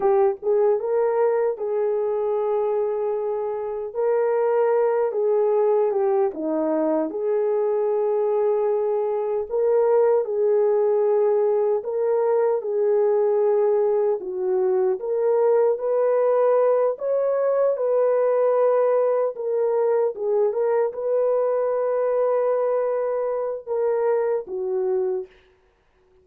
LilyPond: \new Staff \with { instrumentName = "horn" } { \time 4/4 \tempo 4 = 76 g'8 gis'8 ais'4 gis'2~ | gis'4 ais'4. gis'4 g'8 | dis'4 gis'2. | ais'4 gis'2 ais'4 |
gis'2 fis'4 ais'4 | b'4. cis''4 b'4.~ | b'8 ais'4 gis'8 ais'8 b'4.~ | b'2 ais'4 fis'4 | }